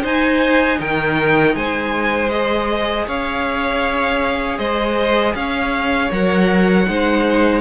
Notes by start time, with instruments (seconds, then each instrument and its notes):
0.00 viola D#4, cello D#4, violin C5 G#5
0.80 cello D#3, violin A#4 G5
1.55 cello G#3, violin C5 G#5
2.30 viola G#4, violin D#5
3.07 cello C#4, violin C#5 F5
4.58 cello G#3, violin C5 D#5
5.35 cello C#4, violin C#5 F5
6.11 cello F#3, viola A#4, violin F#5
6.87 cello G#3, viola D#4, violin C5